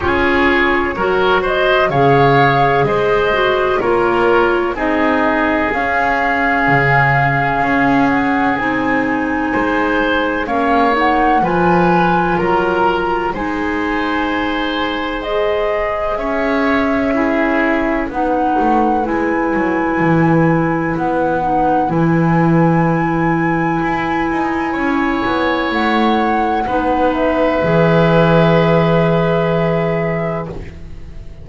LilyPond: <<
  \new Staff \with { instrumentName = "flute" } { \time 4/4 \tempo 4 = 63 cis''4. dis''8 f''4 dis''4 | cis''4 dis''4 f''2~ | f''8 fis''8 gis''2 f''8 fis''8 | gis''4 ais''4 gis''2 |
dis''4 e''2 fis''4 | gis''2 fis''4 gis''4~ | gis''2. fis''4~ | fis''8 e''2.~ e''8 | }
  \new Staff \with { instrumentName = "oboe" } { \time 4/4 gis'4 ais'8 c''8 cis''4 c''4 | ais'4 gis'2.~ | gis'2 c''4 cis''4 | b'4 ais'4 c''2~ |
c''4 cis''4 gis'4 b'4~ | b'1~ | b'2 cis''2 | b'1 | }
  \new Staff \with { instrumentName = "clarinet" } { \time 4/4 f'4 fis'4 gis'4. fis'8 | f'4 dis'4 cis'2~ | cis'4 dis'2 cis'8 dis'8 | f'2 dis'2 |
gis'2 e'4 dis'4 | e'2~ e'8 dis'8 e'4~ | e'1 | dis'4 gis'2. | }
  \new Staff \with { instrumentName = "double bass" } { \time 4/4 cis'4 fis4 cis4 gis4 | ais4 c'4 cis'4 cis4 | cis'4 c'4 gis4 ais4 | f4 fis4 gis2~ |
gis4 cis'2 b8 a8 | gis8 fis8 e4 b4 e4~ | e4 e'8 dis'8 cis'8 b8 a4 | b4 e2. | }
>>